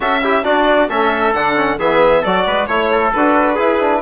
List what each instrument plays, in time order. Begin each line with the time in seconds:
0.00 bassoon C#4, trombone F#4, trumpet A4, violin E5
0.23 trombone E4, trumpet G4
0.43 trombone D4, bassoon D4, trumpet F#4, violin D5
0.89 bassoon A3, trombone C#4, trumpet A4, violin E5
1.33 bassoon D3, trombone D4, violin F#5
1.56 trombone C#4
1.77 bassoon E3, trombone B3, trumpet G#4, violin E5
2.21 bassoon F#3, trombone F#4, trumpet A4, violin D5
2.46 bassoon G#3, trumpet B4
2.66 bassoon A3, trombone E4, violin C#5, trumpet C#5
2.91 trumpet A4
3.13 bassoon D4, trombone F#4, violin B4
3.55 trombone E4, bassoon E4, trumpet G#4
3.80 trombone D4